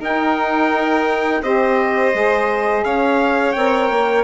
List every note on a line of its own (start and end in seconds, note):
0.00 1.41 D#4
0.00 1.43 D#4
0.00 1.41 A#4
0.00 1.43 G5
1.42 2.13 C4
1.42 2.13 G4
1.42 2.84 C5
1.42 2.84 D#5
2.13 2.85 G#3
2.13 3.54 G#4
2.85 3.55 C#4
2.85 4.24 C#5
2.85 3.52 F5
3.52 3.90 C4
3.52 4.24 A#4
3.52 4.23 G5
3.90 4.24 A#3